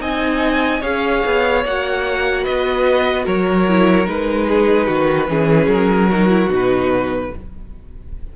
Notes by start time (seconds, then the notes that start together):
0.00 C4 D#4 D#5 G#5
0.80 C#4 G#4 C#5 F5
1.25 B3
1.65 A#3 F#4 F#5
2.43 B3 B4 D#5
3.25 F#3 A#4 C#5
3.69 E4
4.05 G#3 D#4 B4
4.48 G#4
4.87 D#3 F#4
5.28 E3 C#4 G#4
5.66 F#3 A#4
6.09 D#4 F#4
6.29 E4
6.49 B2 D#4
6.55 B4